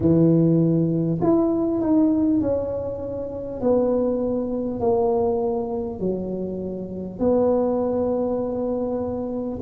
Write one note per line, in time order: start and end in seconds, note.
0.00 1.20 E3
1.21 1.81 E4
1.81 2.41 D#4
2.41 3.61 C#4
3.61 4.79 B3
4.79 5.99 A#3
5.99 7.19 F#3
7.19 9.59 B3